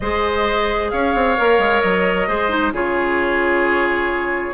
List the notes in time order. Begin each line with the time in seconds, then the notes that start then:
0.00 G#3 G#4 C5 D#5
0.90 C#4 C#5 F5
1.14 C4
1.37 A#3 A#4
1.58 G#3
1.81 F#3 D#5
2.27 G#3 G#4 C5
2.49 D#4
2.72 C#3 F4 G#4 C#5